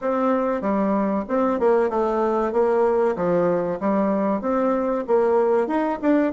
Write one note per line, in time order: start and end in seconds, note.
0.01 0.61 C4
0.61 1.24 G3
1.28 1.59 C4
1.59 1.89 A#3
1.89 2.52 A3
2.52 3.15 A#3
3.16 3.79 F3
3.80 4.41 G3
4.41 5.04 C4
5.07 5.67 A#3
5.67 5.99 D#4
6.01 6.32 D4